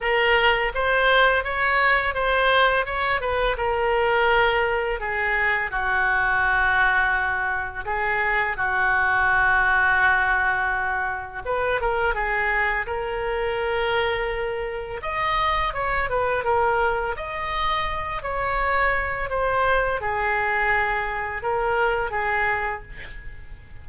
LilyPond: \new Staff \with { instrumentName = "oboe" } { \time 4/4 \tempo 4 = 84 ais'4 c''4 cis''4 c''4 | cis''8 b'8 ais'2 gis'4 | fis'2. gis'4 | fis'1 |
b'8 ais'8 gis'4 ais'2~ | ais'4 dis''4 cis''8 b'8 ais'4 | dis''4. cis''4. c''4 | gis'2 ais'4 gis'4 | }